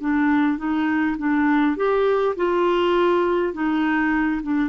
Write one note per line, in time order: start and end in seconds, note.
0.00 0.57 D4
0.57 1.16 D#4
1.17 1.76 D4
1.76 2.35 G4
2.36 3.53 F4
3.53 4.41 D#4
4.43 4.69 D4